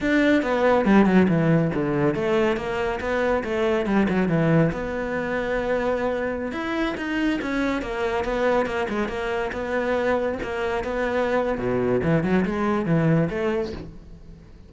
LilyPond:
\new Staff \with { instrumentName = "cello" } { \time 4/4 \tempo 4 = 140 d'4 b4 g8 fis8 e4 | d4 a4 ais4 b4 | a4 g8 fis8 e4 b4~ | b2.~ b16 e'8.~ |
e'16 dis'4 cis'4 ais4 b8.~ | b16 ais8 gis8 ais4 b4.~ b16~ | b16 ais4 b4.~ b16 b,4 | e8 fis8 gis4 e4 a4 | }